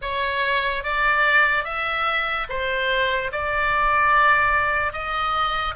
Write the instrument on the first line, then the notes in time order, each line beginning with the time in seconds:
oboe
0.01 C#5
0.83 D5
1.64 E5
2.49 C5
3.32 D5
4.92 D#5